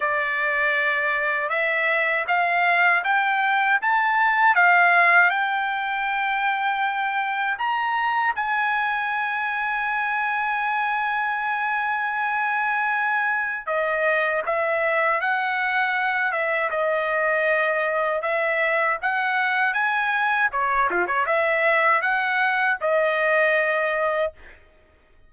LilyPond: \new Staff \with { instrumentName = "trumpet" } { \time 4/4 \tempo 4 = 79 d''2 e''4 f''4 | g''4 a''4 f''4 g''4~ | g''2 ais''4 gis''4~ | gis''1~ |
gis''2 dis''4 e''4 | fis''4. e''8 dis''2 | e''4 fis''4 gis''4 cis''8 f'16 cis''16 | e''4 fis''4 dis''2 | }